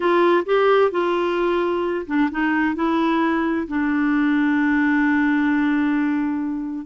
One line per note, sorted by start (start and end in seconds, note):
0.00 0.44 F4
0.45 0.91 G4
0.91 2.05 F4
2.06 2.29 D4
2.31 2.75 D#4
2.75 3.67 E4
3.67 6.85 D4